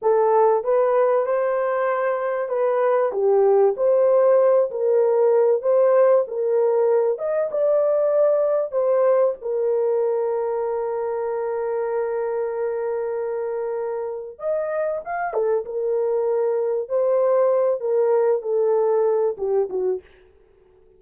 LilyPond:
\new Staff \with { instrumentName = "horn" } { \time 4/4 \tempo 4 = 96 a'4 b'4 c''2 | b'4 g'4 c''4. ais'8~ | ais'4 c''4 ais'4. dis''8 | d''2 c''4 ais'4~ |
ais'1~ | ais'2. dis''4 | f''8 a'8 ais'2 c''4~ | c''8 ais'4 a'4. g'8 fis'8 | }